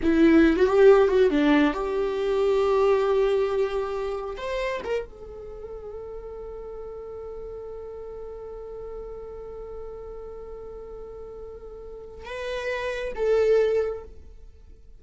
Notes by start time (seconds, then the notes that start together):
0.02 E4
0.56 F#4
0.66 G4
1.08 F#4
1.30 D4
1.73 G4
4.37 C5
4.84 A#4
5.05 A4
12.25 B4
13.15 A4